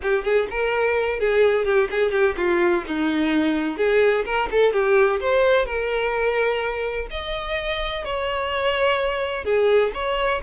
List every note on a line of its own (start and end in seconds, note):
0.02 0.24 G4
0.24 0.47 G#4
0.50 1.19 A#4
1.19 1.65 G#4
1.65 1.88 G4
1.90 2.11 G#4
2.11 2.35 G4
2.36 2.83 F4
2.87 3.77 D#4
3.77 4.24 G#4
4.25 4.48 A#4
4.51 4.72 A4
4.72 5.20 G4
5.20 5.65 C5
5.65 7.07 A#4
7.10 8.04 D#5
8.04 9.44 C#5
9.44 9.91 G#4
9.93 10.41 C#5